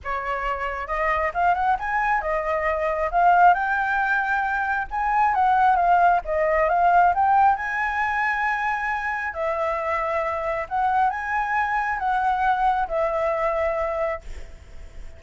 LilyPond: \new Staff \with { instrumentName = "flute" } { \time 4/4 \tempo 4 = 135 cis''2 dis''4 f''8 fis''8 | gis''4 dis''2 f''4 | g''2. gis''4 | fis''4 f''4 dis''4 f''4 |
g''4 gis''2.~ | gis''4 e''2. | fis''4 gis''2 fis''4~ | fis''4 e''2. | }